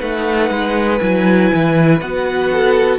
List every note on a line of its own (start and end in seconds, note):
0.00 0.50 A3
0.00 1.00 D#4
0.00 2.50 B4
0.00 0.99 F#5
0.50 1.00 G#3
0.99 1.51 F#3
0.99 2.00 E4
0.99 1.99 G#5
1.53 2.01 E3
2.01 2.99 B3
2.01 2.99 F#4
2.01 2.99 F#5
2.52 2.99 A4